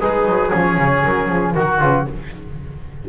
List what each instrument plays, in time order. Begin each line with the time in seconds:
0.00 double bass G#3, oboe D#4, trombone G#4, flute B4
0.25 double bass F#3
0.49 double bass F3, trombone C#4, oboe G#4, flute C#5
0.78 double bass C#3
1.04 double bass F#3, flute A#4
1.29 double bass F3, flute G#4
1.54 double bass D#3, trombone F#4, oboe F#4, flute A#4
1.80 double bass C#3, trombone F4, flute B4